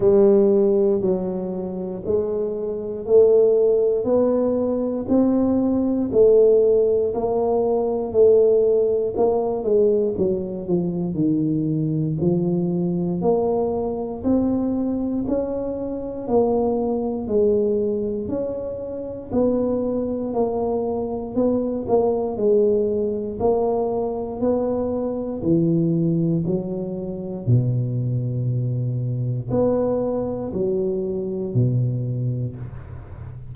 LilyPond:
\new Staff \with { instrumentName = "tuba" } { \time 4/4 \tempo 4 = 59 g4 fis4 gis4 a4 | b4 c'4 a4 ais4 | a4 ais8 gis8 fis8 f8 dis4 | f4 ais4 c'4 cis'4 |
ais4 gis4 cis'4 b4 | ais4 b8 ais8 gis4 ais4 | b4 e4 fis4 b,4~ | b,4 b4 fis4 b,4 | }